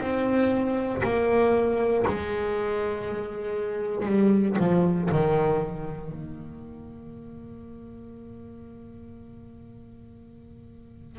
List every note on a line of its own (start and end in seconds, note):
0.00 1.02 C4
1.03 2.05 A#3
2.07 4.05 G#3
4.05 4.56 G3
4.59 5.09 F3
5.11 6.12 D#3
6.12 11.18 A#3